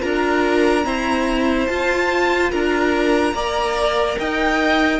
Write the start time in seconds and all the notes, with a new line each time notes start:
0.00 D4 F4 A#4 A#5
0.83 C4 E4 C5
1.66 F4 A5
2.51 D4 A#4 A#5
3.33 A#3 A#4 D5
4.19 D#4 D#5 G5